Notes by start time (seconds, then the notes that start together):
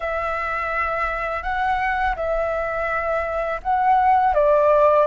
0.00 E5
1.42 F#5
2.16 E5
3.62 F#5
4.34 D5